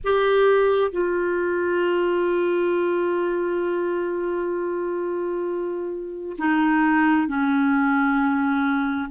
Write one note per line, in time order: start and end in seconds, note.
0.03 0.91 G4
0.91 6.36 F4
6.38 7.27 D#4
7.27 9.09 C#4